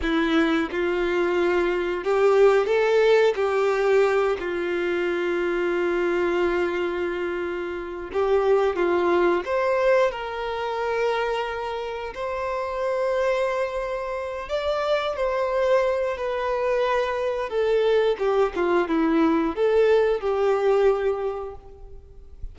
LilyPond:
\new Staff \with { instrumentName = "violin" } { \time 4/4 \tempo 4 = 89 e'4 f'2 g'4 | a'4 g'4. f'4.~ | f'1 | g'4 f'4 c''4 ais'4~ |
ais'2 c''2~ | c''4. d''4 c''4. | b'2 a'4 g'8 f'8 | e'4 a'4 g'2 | }